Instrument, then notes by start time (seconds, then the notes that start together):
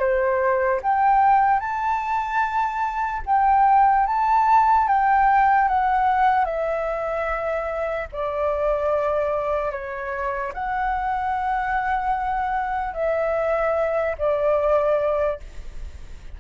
flute
0.00 C5
0.83 G5
1.60 A5
3.27 G5
4.07 A5
4.88 G5
5.69 F#5
6.46 E5
8.13 D5
9.72 C#5
10.54 F#5
12.94 E5
14.19 D5